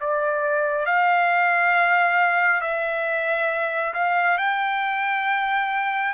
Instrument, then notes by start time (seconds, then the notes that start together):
trumpet
0.00 D5
0.86 F5
2.61 E5
3.94 F5
4.38 G5